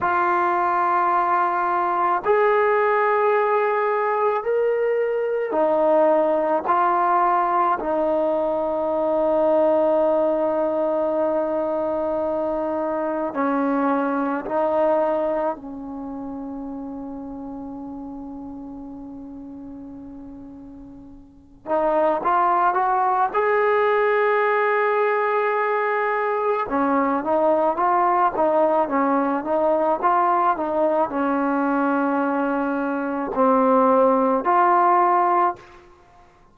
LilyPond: \new Staff \with { instrumentName = "trombone" } { \time 4/4 \tempo 4 = 54 f'2 gis'2 | ais'4 dis'4 f'4 dis'4~ | dis'1 | cis'4 dis'4 cis'2~ |
cis'2.~ cis'8 dis'8 | f'8 fis'8 gis'2. | cis'8 dis'8 f'8 dis'8 cis'8 dis'8 f'8 dis'8 | cis'2 c'4 f'4 | }